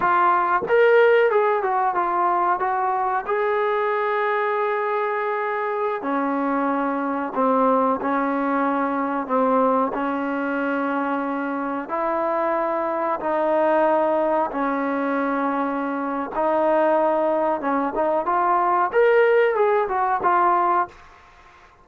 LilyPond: \new Staff \with { instrumentName = "trombone" } { \time 4/4 \tempo 4 = 92 f'4 ais'4 gis'8 fis'8 f'4 | fis'4 gis'2.~ | gis'4~ gis'16 cis'2 c'8.~ | c'16 cis'2 c'4 cis'8.~ |
cis'2~ cis'16 e'4.~ e'16~ | e'16 dis'2 cis'4.~ cis'16~ | cis'4 dis'2 cis'8 dis'8 | f'4 ais'4 gis'8 fis'8 f'4 | }